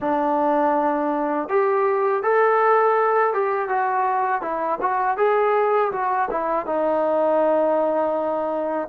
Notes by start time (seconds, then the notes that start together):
0.00 D4
1.48 G4
2.23 A4
3.33 G4
3.68 F#4
4.41 E4
4.81 F#4
5.17 G#4
5.92 F#4
6.30 E4
6.66 D#4